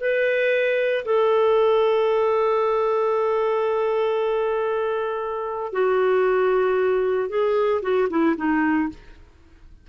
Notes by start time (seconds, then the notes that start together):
0.00 B4
1.05 A4
5.72 F#4
7.29 G#4
7.82 F#4
8.09 E4
8.36 D#4